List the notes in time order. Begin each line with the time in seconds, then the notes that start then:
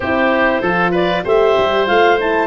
0.00 C4 E4 G4 C5
0.61 F3 F4 A4
0.91 B4 D5
1.24 A3 G4 C5 E5
1.58 G3
1.86 A3 F4 F5
2.20 E4 A5